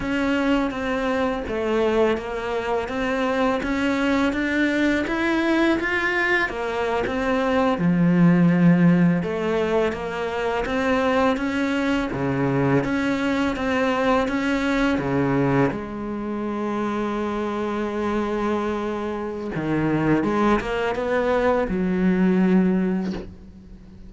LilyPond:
\new Staff \with { instrumentName = "cello" } { \time 4/4 \tempo 4 = 83 cis'4 c'4 a4 ais4 | c'4 cis'4 d'4 e'4 | f'4 ais8. c'4 f4~ f16~ | f8. a4 ais4 c'4 cis'16~ |
cis'8. cis4 cis'4 c'4 cis'16~ | cis'8. cis4 gis2~ gis16~ | gis2. dis4 | gis8 ais8 b4 fis2 | }